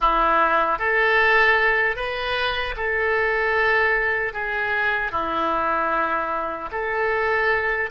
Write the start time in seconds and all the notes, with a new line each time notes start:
0.00 E4
0.79 A4
1.96 B4
2.76 A4
4.33 G#4
5.11 E4
6.71 A4